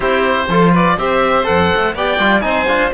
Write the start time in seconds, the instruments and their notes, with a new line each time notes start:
0.00 cello C4, trombone E4, violin G4, oboe C5
0.48 cello F3, trombone F4, violin A4
0.72 violin B4, oboe D5
0.98 cello C4, trombone G4, violin C5, oboe E5
1.43 cello F2, trombone A4, oboe F#5
1.76 cello A3
1.94 cello B3, trombone G4, violin D5, oboe G5
2.18 cello G3, trombone F4
2.40 cello C4, trombone D#4, violin C5, oboe G#5
2.67 cello D4, trombone F4